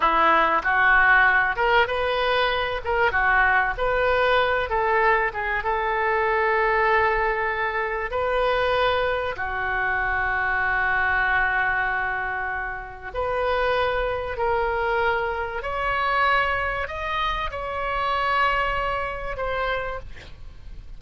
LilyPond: \new Staff \with { instrumentName = "oboe" } { \time 4/4 \tempo 4 = 96 e'4 fis'4. ais'8 b'4~ | b'8 ais'8 fis'4 b'4. a'8~ | a'8 gis'8 a'2.~ | a'4 b'2 fis'4~ |
fis'1~ | fis'4 b'2 ais'4~ | ais'4 cis''2 dis''4 | cis''2. c''4 | }